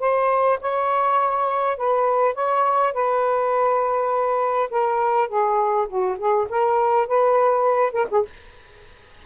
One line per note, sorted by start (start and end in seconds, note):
0.00 0.59 C5
0.61 1.77 C#5
1.77 2.34 B4
2.34 2.93 C#5
2.94 4.70 B4
4.70 5.29 A#4
5.29 5.87 G#4
5.88 6.18 F#4
6.18 6.48 G#4
6.49 7.07 A#4
7.07 7.93 B4
7.93 8.07 A#4
8.11 8.25 G#4